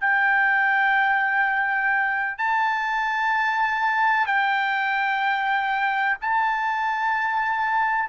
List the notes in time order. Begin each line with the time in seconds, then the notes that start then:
0.00 G5
2.38 A5
4.26 G5
6.21 A5